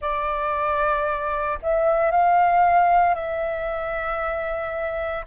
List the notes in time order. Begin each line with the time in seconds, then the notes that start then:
0.00 D5
1.62 E5
2.11 F5
3.14 E5